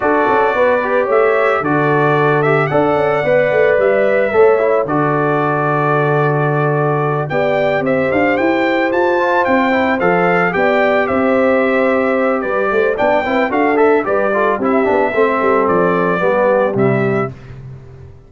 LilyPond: <<
  \new Staff \with { instrumentName = "trumpet" } { \time 4/4 \tempo 4 = 111 d''2 e''4 d''4~ | d''8 e''8 fis''2 e''4~ | e''4 d''2.~ | d''4. g''4 e''8 f''8 g''8~ |
g''8 a''4 g''4 f''4 g''8~ | g''8 e''2~ e''8 d''4 | g''4 f''8 e''8 d''4 e''4~ | e''4 d''2 e''4 | }
  \new Staff \with { instrumentName = "horn" } { \time 4/4 a'4 b'4 cis''4 a'4~ | a'4 d''2. | cis''4 a'2.~ | a'4. d''4 c''4.~ |
c''2.~ c''8 d''8~ | d''8 c''2~ c''8 b'8 c''8 | d''8 b'8 a'4 b'8 a'8 g'4 | a'2 g'2 | }
  \new Staff \with { instrumentName = "trombone" } { \time 4/4 fis'4. g'4. fis'4~ | fis'8 g'8 a'4 b'2 | a'8 e'8 fis'2.~ | fis'4. g'2~ g'8~ |
g'4 f'4 e'8 a'4 g'8~ | g'1 | d'8 e'8 fis'8 a'8 g'8 f'8 e'8 d'8 | c'2 b4 g4 | }
  \new Staff \with { instrumentName = "tuba" } { \time 4/4 d'8 cis'8 b4 a4 d4~ | d4 d'8 cis'8 b8 a8 g4 | a4 d2.~ | d4. b4 c'8 d'8 e'8~ |
e'8 f'4 c'4 f4 b8~ | b8 c'2~ c'8 g8 a8 | b8 c'8 d'4 g4 c'8 b8 | a8 g8 f4 g4 c4 | }
>>